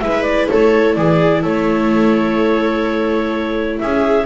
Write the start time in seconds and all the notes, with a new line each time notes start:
0.00 G#3 E4 B4 E5
0.22 D5
0.49 A3 A4 C#5
0.94 E3 G#4 D5
1.42 A3 A4 C#5
3.79 C#4 G#4 E5